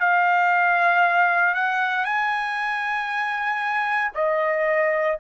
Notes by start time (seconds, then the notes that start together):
0.00 F5
1.54 F#5
2.05 G#5
4.14 D#5